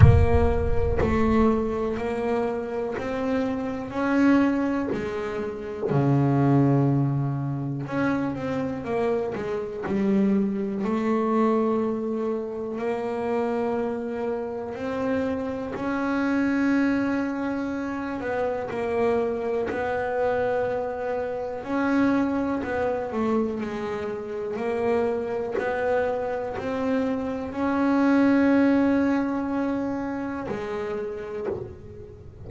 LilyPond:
\new Staff \with { instrumentName = "double bass" } { \time 4/4 \tempo 4 = 61 ais4 a4 ais4 c'4 | cis'4 gis4 cis2 | cis'8 c'8 ais8 gis8 g4 a4~ | a4 ais2 c'4 |
cis'2~ cis'8 b8 ais4 | b2 cis'4 b8 a8 | gis4 ais4 b4 c'4 | cis'2. gis4 | }